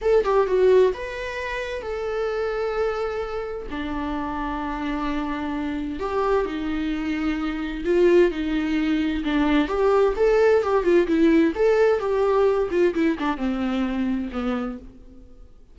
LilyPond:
\new Staff \with { instrumentName = "viola" } { \time 4/4 \tempo 4 = 130 a'8 g'8 fis'4 b'2 | a'1 | d'1~ | d'4 g'4 dis'2~ |
dis'4 f'4 dis'2 | d'4 g'4 a'4 g'8 f'8 | e'4 a'4 g'4. f'8 | e'8 d'8 c'2 b4 | }